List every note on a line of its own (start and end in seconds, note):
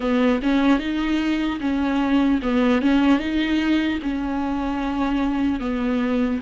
0.00 0.40 B3
0.42 0.79 C#4
0.79 1.59 D#4
1.60 2.40 C#4
2.42 2.81 B3
2.81 3.19 C#4
3.19 3.99 D#4
4.02 5.60 C#4
5.60 6.40 B3